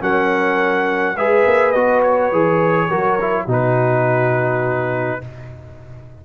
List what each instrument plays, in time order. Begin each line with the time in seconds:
0.00 tuba F#3, trombone C#4, horn A#4, trumpet F#5
1.16 tuba G#3, trombone G#4, horn B4, trumpet E5
1.46 tuba A#3
1.71 tuba B3, trombone F#4, trumpet D#5
2.02 trumpet C#5
2.32 tuba E3, trombone G#4
2.89 tuba F#3, trombone F#4, horn A#4
3.20 trombone E4
3.44 tuba B2, trombone D#4, horn F#4
3.52 trumpet B4